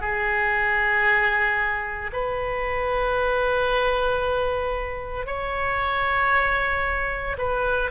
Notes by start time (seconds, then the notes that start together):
0.00 G#4
2.12 B4
5.26 C#5
7.37 B4